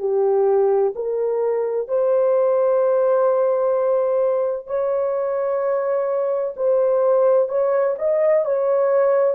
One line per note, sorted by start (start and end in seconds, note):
0.00 0.94 G4
0.95 1.88 A#4
1.88 4.67 C5
4.67 6.55 C#5
6.57 7.50 C5
7.50 7.96 C#5
7.99 8.46 D#5
8.46 9.35 C#5